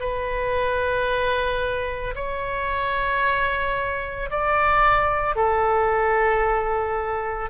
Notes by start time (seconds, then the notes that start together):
0.00 B4
2.15 C#5
4.31 D5
5.36 A4